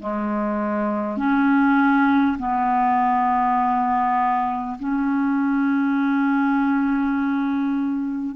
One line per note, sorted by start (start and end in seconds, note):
0.00 1.18 G#3
1.18 2.38 C#4
2.39 4.79 B3
4.79 8.36 C#4